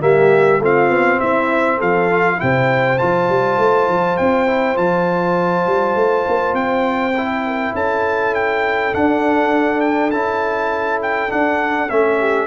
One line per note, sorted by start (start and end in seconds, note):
0.00 0.60 G3
0.00 0.59 A#3
0.00 0.63 G4
0.00 0.62 E5
0.60 0.89 A3
0.60 2.11 C4
0.60 1.19 F4
0.60 1.20 F5
0.89 1.19 B3
1.19 1.82 C4
1.19 1.77 E4
1.19 1.80 E5
1.77 2.41 F3
1.77 2.37 A4
1.77 2.40 F5
2.11 2.38 F4
2.38 3.02 C3
2.38 2.98 E4
2.38 7.46 C5
2.38 2.99 G5
2.99 3.29 F3
2.99 4.47 F4
2.99 4.17 A5
3.29 3.58 G3
3.58 3.88 A3
3.89 4.19 F3
4.17 4.78 C4
4.17 4.77 G5
4.47 4.75 E4
4.75 5.67 F3
4.75 7.12 F4
4.75 6.55 A5
5.67 5.96 G3
5.96 6.25 A3
6.28 6.53 A#3
6.53 7.72 C4
6.53 7.74 G5
7.17 8.93 E4
7.46 7.74 A#4
7.74 8.93 C#4
7.74 12.19 A4
7.74 8.35 A5
8.35 8.94 G5
8.93 10.12 D4
8.93 9.81 F#5
9.81 10.11 G5
10.11 11.31 C#4
10.11 11.29 E4
10.11 11.00 A5
11.03 11.32 G5
11.29 11.88 D4
11.29 11.90 D4
11.29 11.89 F#5
11.89 12.47 A3
11.89 12.47 C#4
11.89 12.47 E5
12.19 12.47 G4